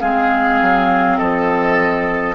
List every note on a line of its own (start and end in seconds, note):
0.00 0.60 G#3
0.00 2.35 C4
0.00 1.17 G#4
0.00 1.17 F5
0.61 1.20 F#3
1.17 2.35 F3
1.17 2.35 A4
1.17 2.35 D#5